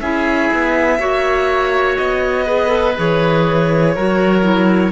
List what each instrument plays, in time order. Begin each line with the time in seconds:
0.00 cello C#4, clarinet E4, oboe G#4, violin E5
0.53 cello B3
0.99 cello A#3, clarinet F#4, oboe C#5
1.97 cello B3, violin D#5
2.45 clarinet G#4, oboe B4
2.67 clarinet A4
2.97 cello E3, clarinet G#4, violin C#5
3.94 cello F#3, clarinet F#4, oboe A#4
4.42 clarinet E4